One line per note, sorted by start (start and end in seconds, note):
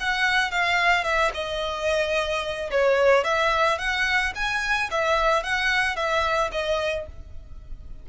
0.00 0.51 F#5
0.51 1.04 F5
1.04 1.31 E5
1.34 2.70 D#5
2.71 3.24 C#5
3.24 3.78 E5
3.78 4.33 F#5
4.35 4.90 G#5
4.90 5.43 E5
5.43 5.96 F#5
5.96 6.50 E5
6.52 7.06 D#5